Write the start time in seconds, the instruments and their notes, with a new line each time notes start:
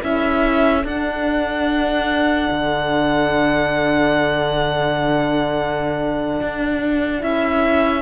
0.00 cello C#4, horn E4, flute A4, violin E5
0.84 horn D4, cello D4, violin F#5
2.50 cello D3
6.41 cello D4
7.19 cello C#4, horn E4, violin E5